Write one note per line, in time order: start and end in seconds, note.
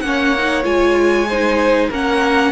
0.00 0.64 A#3
0.00 0.35 C#4
0.00 1.29 C#5
0.00 0.62 F#5
0.38 0.63 D#4
0.63 1.89 G#3
0.63 1.25 F4
0.63 1.90 G#5
1.29 1.91 D#4
1.29 1.89 C5
1.89 2.52 A#3
1.89 2.52 C#4
1.89 2.52 A#4
1.89 2.52 F#5